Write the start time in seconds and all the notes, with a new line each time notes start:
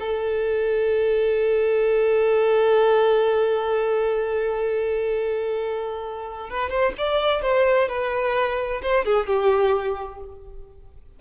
0.00 A4
6.50 B4
6.70 C5
6.98 D5
7.42 C5
7.89 B4
8.82 C5
9.05 G#4
9.26 G4